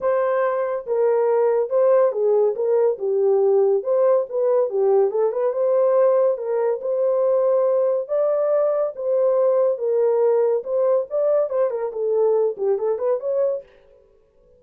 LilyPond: \new Staff \with { instrumentName = "horn" } { \time 4/4 \tempo 4 = 141 c''2 ais'2 | c''4 gis'4 ais'4 g'4~ | g'4 c''4 b'4 g'4 | a'8 b'8 c''2 ais'4 |
c''2. d''4~ | d''4 c''2 ais'4~ | ais'4 c''4 d''4 c''8 ais'8 | a'4. g'8 a'8 b'8 cis''4 | }